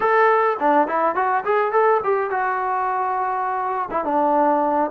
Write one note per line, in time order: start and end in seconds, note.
0.00 0.57 A4
0.59 0.87 D4
0.87 1.15 E4
1.15 1.44 F#4
1.44 1.72 G#4
1.72 2.00 A4
2.03 2.30 G4
2.30 3.89 F#4
3.90 4.04 E4
4.04 4.90 D4